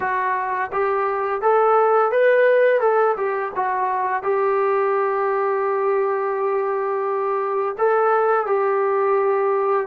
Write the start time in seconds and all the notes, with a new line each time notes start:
0.00 F#4
0.72 G4
1.41 A4
2.11 B4
2.80 A4
3.16 G4
3.55 F#4
4.23 G4
7.78 A4
8.46 G4